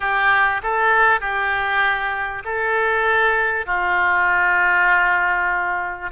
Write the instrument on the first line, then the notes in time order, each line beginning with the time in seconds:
oboe
0.00 G4
0.62 A4
1.20 G4
2.44 A4
3.66 F4